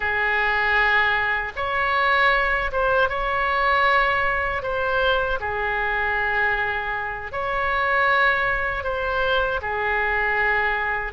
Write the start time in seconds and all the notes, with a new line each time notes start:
0.00 G#4
1.56 C#5
2.72 C5
3.09 C#5
4.62 C5
5.40 G#4
7.32 C#5
8.83 C5
9.61 G#4